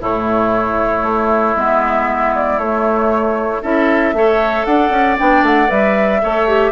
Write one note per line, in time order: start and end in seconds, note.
0.00 1.02 A2
0.00 1.55 A3
0.00 3.62 E4
0.00 1.56 C#5
1.02 1.54 A3
1.55 2.58 G#3
1.55 2.60 B3
1.55 2.34 E5
2.35 2.58 D5
2.58 3.61 A3
2.58 3.62 A3
2.58 3.62 C#5
3.62 4.13 C#4
3.62 4.14 E4
3.62 4.13 A4
3.62 4.65 E5
4.13 4.65 A3
4.13 5.18 A4
4.13 4.66 C#5
4.65 4.90 D4
4.65 6.22 D5
4.65 5.16 F#5
4.90 5.16 C#4
5.18 5.42 B3
5.18 5.67 D4
5.18 5.45 G5
5.42 5.68 A3
5.42 5.70 F#5
5.67 6.22 G3
5.67 6.19 B4
5.67 6.71 E5
6.21 6.71 A3
6.21 6.47 A4
6.21 6.71 C#5
6.47 6.71 G4